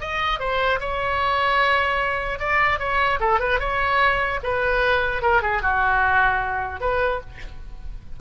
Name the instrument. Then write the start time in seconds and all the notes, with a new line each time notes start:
oboe
0.00 D#5
0.39 C5
0.80 C#5
2.39 D5
2.79 C#5
3.20 A4
3.39 B4
3.59 C#5
4.43 B4
5.22 A#4
5.42 G#4
5.62 F#4
6.80 B4